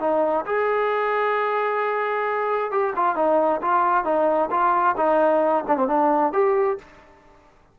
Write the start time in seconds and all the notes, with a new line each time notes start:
0.00 D#4
0.46 G#4
2.71 G4
2.96 F4
3.16 D#4
3.62 F4
4.05 D#4
4.51 F4
4.97 D#4
5.68 D4
5.77 C4
5.88 D4
6.33 G4